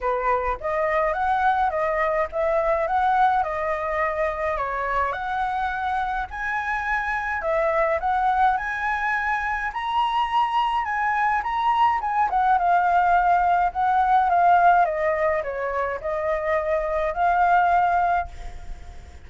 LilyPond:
\new Staff \with { instrumentName = "flute" } { \time 4/4 \tempo 4 = 105 b'4 dis''4 fis''4 dis''4 | e''4 fis''4 dis''2 | cis''4 fis''2 gis''4~ | gis''4 e''4 fis''4 gis''4~ |
gis''4 ais''2 gis''4 | ais''4 gis''8 fis''8 f''2 | fis''4 f''4 dis''4 cis''4 | dis''2 f''2 | }